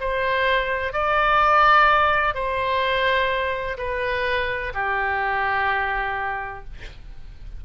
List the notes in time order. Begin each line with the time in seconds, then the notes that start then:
0.00 C5
0.93 D5
2.34 C5
3.78 B4
4.74 G4